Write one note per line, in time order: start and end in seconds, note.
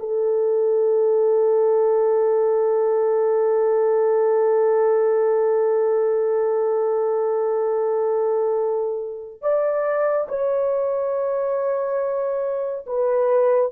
0.00 9.42 A4
9.42 10.27 D5
10.29 12.86 C#5
12.86 13.72 B4